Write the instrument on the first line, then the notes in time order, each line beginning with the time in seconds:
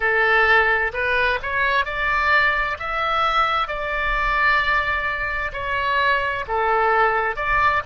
oboe
0.00 A4
0.93 B4
1.42 C#5
1.85 D5
2.79 E5
3.67 D5
5.53 C#5
6.47 A4
7.36 D5